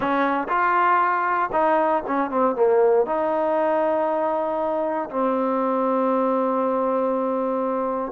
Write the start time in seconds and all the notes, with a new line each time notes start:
0.00 C#4
0.48 F4
1.52 D#4
2.07 C#4
2.30 C4
2.55 A#3
3.06 D#4
5.09 C4